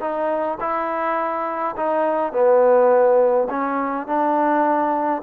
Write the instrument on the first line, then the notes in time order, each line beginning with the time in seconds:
trombone
0.00 D#4
0.60 E4
1.76 D#4
2.32 B3
3.49 C#4
4.07 D4